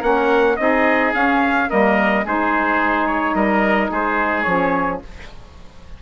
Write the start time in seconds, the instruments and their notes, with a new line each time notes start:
0.00 bassoon A#3, saxophone C#4, oboe A#4, trumpet F#5
0.57 bassoon C4, saxophone D#4, oboe G#4, trumpet D#5
1.14 saxophone C#4, bassoon C#4, trumpet F5
1.68 bassoon G3, saxophone A#3, oboe A#4, trumpet D#5
2.25 bassoon G#3, saxophone D#4, oboe G#4, trumpet C5
3.08 trumpet C#5
3.35 bassoon G3, oboe A#4, trumpet D#5
3.91 bassoon G#3, oboe G#4, trumpet C5
4.43 bassoon F3, saxophone C#4, trumpet C#5